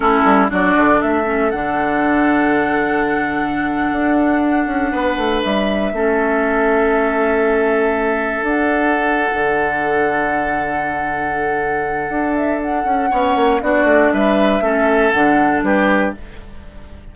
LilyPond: <<
  \new Staff \with { instrumentName = "flute" } { \time 4/4 \tempo 4 = 119 a'4 d''4 e''4 fis''4~ | fis''1~ | fis''2~ fis''8. e''4~ e''16~ | e''1~ |
e''8. fis''2.~ fis''16~ | fis''1~ | fis''8 e''8 fis''2 d''4 | e''2 fis''4 b'4 | }
  \new Staff \with { instrumentName = "oboe" } { \time 4/4 e'4 fis'4 a'2~ | a'1~ | a'4.~ a'16 b'2 a'16~ | a'1~ |
a'1~ | a'1~ | a'2 cis''4 fis'4 | b'4 a'2 g'4 | }
  \new Staff \with { instrumentName = "clarinet" } { \time 4/4 cis'4 d'4. cis'8 d'4~ | d'1~ | d'2.~ d'8. cis'16~ | cis'1~ |
cis'8. d'2.~ d'16~ | d'1~ | d'2 cis'4 d'4~ | d'4 cis'4 d'2 | }
  \new Staff \with { instrumentName = "bassoon" } { \time 4/4 a8 g8 fis8 d8 a4 d4~ | d2.~ d8. d'16~ | d'4~ d'16 cis'8 b8 a8 g4 a16~ | a1~ |
a8. d'4.~ d'16 d4.~ | d1 | d'4. cis'8 b8 ais8 b8 a8 | g4 a4 d4 g4 | }
>>